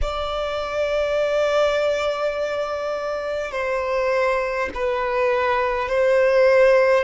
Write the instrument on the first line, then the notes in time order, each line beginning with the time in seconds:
violin
0.01 D5
3.51 C5
4.74 B4
5.88 C5